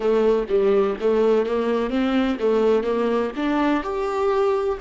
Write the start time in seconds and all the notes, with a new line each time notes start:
0.00 A3
0.48 G3
1.00 A3
1.45 A#3
1.90 C4
2.39 A3
2.83 A#3
3.36 D4
3.83 G4